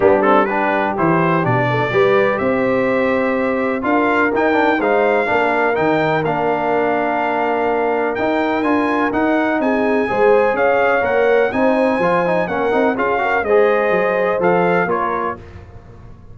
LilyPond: <<
  \new Staff \with { instrumentName = "trumpet" } { \time 4/4 \tempo 4 = 125 g'8 a'8 b'4 c''4 d''4~ | d''4 e''2. | f''4 g''4 f''2 | g''4 f''2.~ |
f''4 g''4 gis''4 fis''4 | gis''2 f''4 fis''4 | gis''2 fis''4 f''4 | dis''2 f''4 cis''4 | }
  \new Staff \with { instrumentName = "horn" } { \time 4/4 d'4 g'2~ g'8 a'8 | b'4 c''2. | ais'2 c''4 ais'4~ | ais'1~ |
ais'1 | gis'4 c''4 cis''2 | c''2 ais'4 gis'8 ais'8 | c''2. ais'4 | }
  \new Staff \with { instrumentName = "trombone" } { \time 4/4 b8 c'8 d'4 e'4 d'4 | g'1 | f'4 dis'8 d'8 dis'4 d'4 | dis'4 d'2.~ |
d'4 dis'4 f'4 dis'4~ | dis'4 gis'2 ais'4 | dis'4 f'8 dis'8 cis'8 dis'8 f'8 fis'8 | gis'2 a'4 f'4 | }
  \new Staff \with { instrumentName = "tuba" } { \time 4/4 g2 e4 b,4 | g4 c'2. | d'4 dis'4 gis4 ais4 | dis4 ais2.~ |
ais4 dis'4 d'4 dis'4 | c'4 gis4 cis'4 ais4 | c'4 f4 ais8 c'8 cis'4 | gis4 fis4 f4 ais4 | }
>>